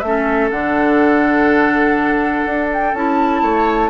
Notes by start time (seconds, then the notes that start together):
0.00 A3 C#4 E5
0.06 A4
0.51 D3 D4 F#5
2.45 D4
2.73 G5
2.93 C#4 E4 A5
3.42 A3 C#5